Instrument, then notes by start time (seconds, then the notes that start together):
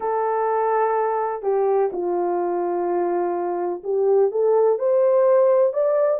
horn
0.00 A4
1.42 G4
1.92 F4
3.83 G4
4.31 A4
4.78 C5
5.73 D5